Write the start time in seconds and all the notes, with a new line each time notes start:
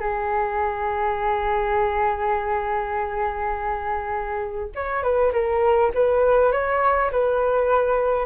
0.00 G#4
4.75 C#5
5.03 B4
5.33 A#4
5.95 B4
6.52 C#5
7.12 B4